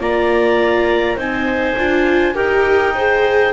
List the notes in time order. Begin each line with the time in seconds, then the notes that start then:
0.00 A#3 F4 D5 A#5
1.17 C4 D#4 C5 G#5
1.77 D4 F4
2.34 D#4 G4 A#4 G5
2.95 G#4 C5